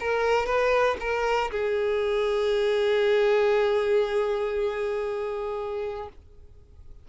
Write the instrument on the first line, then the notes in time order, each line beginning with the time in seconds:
violin
0.00 A#4
0.46 B4
1.00 A#4
1.51 G#4